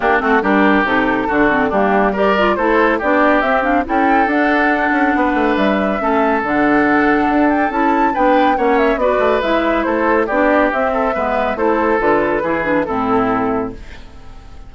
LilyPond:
<<
  \new Staff \with { instrumentName = "flute" } { \time 4/4 \tempo 4 = 140 g'8 a'8 ais'4 a'2 | g'4 d''4 c''4 d''4 | e''8 f''8 g''4 fis''2~ | fis''4 e''2 fis''4~ |
fis''4. g''8 a''4 g''4 | fis''8 e''8 d''4 e''4 c''4 | d''4 e''2 c''4 | b'2 a'2 | }
  \new Staff \with { instrumentName = "oboe" } { \time 4/4 d'8 fis'8 g'2 fis'4 | d'4 ais'4 a'4 g'4~ | g'4 a'2. | b'2 a'2~ |
a'2. b'4 | cis''4 b'2 a'4 | g'4. a'8 b'4 a'4~ | a'4 gis'4 e'2 | }
  \new Staff \with { instrumentName = "clarinet" } { \time 4/4 ais8 c'8 d'4 dis'4 d'8 c'8 | ais4 g'8 f'8 e'4 d'4 | c'8 d'8 e'4 d'2~ | d'2 cis'4 d'4~ |
d'2 e'4 d'4 | cis'4 fis'4 e'2 | d'4 c'4 b4 e'4 | f'4 e'8 d'8 c'2 | }
  \new Staff \with { instrumentName = "bassoon" } { \time 4/4 ais8 a8 g4 c4 d4 | g2 a4 b4 | c'4 cis'4 d'4. cis'8 | b8 a8 g4 a4 d4~ |
d4 d'4 cis'4 b4 | ais4 b8 a8 gis4 a4 | b4 c'4 gis4 a4 | d4 e4 a,2 | }
>>